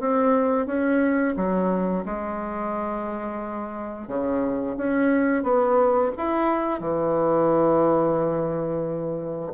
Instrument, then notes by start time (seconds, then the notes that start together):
bassoon
0.00 C4
0.66 C#4
1.36 F#3
2.05 G#3
4.08 C#3
4.77 C#4
5.43 B3
6.17 E4
6.80 E3